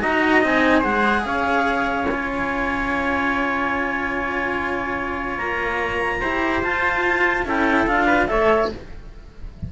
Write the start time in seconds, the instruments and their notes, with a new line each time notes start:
0.00 cello D#4 F#4, trumpet D#5, clarinet A#5
0.41 cello C4 D#4, clarinet G#5
0.79 cello G#3 G#4, trumpet C5, clarinet F#5
1.24 cello C#4, trumpet C#5, clarinet F5
2.07 cello F4, clarinet G#5
5.37 cello A#3, clarinet A#5
6.20 cello E4 G4, trumpet C5
6.62 cello F4, clarinet A5
7.45 cello C#4 E4, trumpet A4, clarinet G5
7.86 cello D4 F4, clarinet F5
8.06 trumpet B4
8.27 cello A3 A4, trumpet C#5, clarinet E5